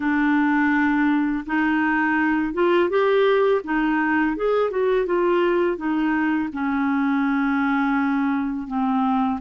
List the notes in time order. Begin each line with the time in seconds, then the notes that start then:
0.00 D4
1.46 D#4
2.53 F4
2.89 G4
3.63 D#4
4.36 G#4
4.70 F#4
5.06 F4
5.77 D#4
6.53 C#4
8.67 C4